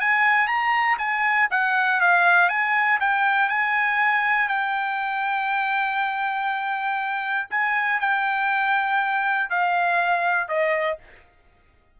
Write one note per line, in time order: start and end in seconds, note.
0.00 0.47 G#5
0.47 0.97 A#5
0.98 1.48 G#5
1.50 2.00 F#5
2.00 2.49 F5
2.49 2.99 G#5
3.00 3.49 G5
3.49 4.48 G#5
4.48 7.48 G5
7.50 8.00 G#5
8.00 9.49 G5
9.49 10.48 F5
10.48 10.98 D#5